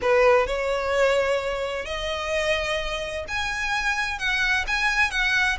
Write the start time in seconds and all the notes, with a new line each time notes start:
0.01 B4
0.47 C#5
1.85 D#5
3.27 G#5
4.18 F#5
4.67 G#5
5.11 F#5